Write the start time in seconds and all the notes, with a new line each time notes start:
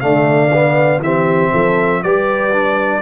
0.00 D3 A3 D5 F5
0.53 B3
0.99 E3 C4 G4 E5
1.52 F3 A4
2.03 G3 G4 B4 D5
2.52 D4